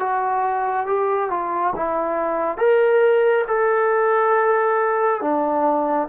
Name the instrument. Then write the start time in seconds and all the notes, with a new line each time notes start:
trombone
0.00 F#4
0.87 G4
1.30 F4
1.76 E4
2.58 A#4
3.47 A4
5.21 D4